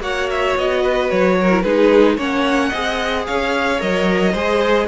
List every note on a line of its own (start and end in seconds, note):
0.00 0.54 A#3
0.00 1.49 F#4
0.00 0.82 C#5
0.00 0.29 F#5
0.29 0.56 E5
0.56 1.10 B3
0.56 1.10 D#5
0.82 1.36 B4
1.10 1.63 F#3
1.10 1.61 C#5
1.40 1.64 A#4
1.50 1.64 E4
1.61 2.17 G#3
1.61 2.18 D#4
1.61 2.16 G#4
1.61 2.15 B4
2.16 2.71 A#3
2.16 2.72 C#4
2.16 2.68 C#5
2.16 3.26 F#5
2.68 3.27 C4
2.68 3.79 G#4
2.68 3.23 D#5
3.26 3.81 C#4
3.26 4.32 C#5
3.26 3.80 F5
3.79 4.34 F#3
3.79 4.33 A#4
3.79 4.88 D#5
4.32 4.88 G#3
4.32 4.88 G#4
4.32 4.86 C5